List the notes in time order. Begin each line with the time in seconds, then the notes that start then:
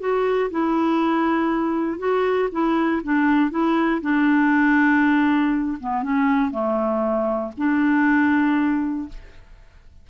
0.00 F#4
0.51 E4
1.99 F#4
2.52 E4
3.04 D4
3.51 E4
4.02 D4
5.80 B3
6.03 C#4
6.51 A3
7.58 D4